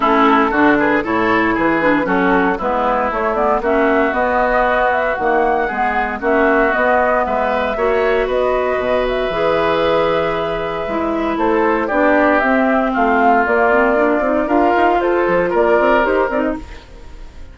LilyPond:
<<
  \new Staff \with { instrumentName = "flute" } { \time 4/4 \tempo 4 = 116 a'4. b'8 cis''4 b'4 | a'4 b'4 cis''8 d''8 e''4 | dis''4. e''8 fis''2 | e''4 dis''4 e''2 |
dis''4. e''2~ e''8~ | e''2 c''4 d''4 | e''4 f''4 d''2 | f''4 c''4 d''4 c''8 d''16 dis''16 | }
  \new Staff \with { instrumentName = "oboe" } { \time 4/4 e'4 fis'8 gis'8 a'4 gis'4 | fis'4 e'2 fis'4~ | fis'2. gis'4 | fis'2 b'4 cis''4 |
b'1~ | b'2 a'4 g'4~ | g'4 f'2. | ais'4 a'4 ais'2 | }
  \new Staff \with { instrumentName = "clarinet" } { \time 4/4 cis'4 d'4 e'4. d'8 | cis'4 b4 a8 b8 cis'4 | b2 ais4 b4 | cis'4 b2 fis'4~ |
fis'2 gis'2~ | gis'4 e'2 d'4 | c'2 ais8 c'8 d'8 dis'8 | f'2. g'8 dis'8 | }
  \new Staff \with { instrumentName = "bassoon" } { \time 4/4 a4 d4 a,4 e4 | fis4 gis4 a4 ais4 | b2 dis4 gis4 | ais4 b4 gis4 ais4 |
b4 b,4 e2~ | e4 gis4 a4 b4 | c'4 a4 ais4. c'8 | d'8 dis'8 f'8 f8 ais8 c'8 dis'8 c'8 | }
>>